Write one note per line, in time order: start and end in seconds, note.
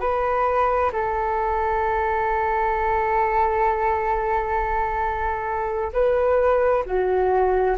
0.00 0.91 B4
0.92 5.92 A4
5.93 6.84 B4
6.86 7.76 F#4